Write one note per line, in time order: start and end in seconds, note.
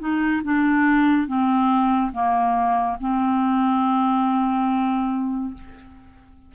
0.00 0.42 D#4
0.44 1.27 D4
1.27 2.12 C4
2.13 2.97 A#3
3.01 5.54 C4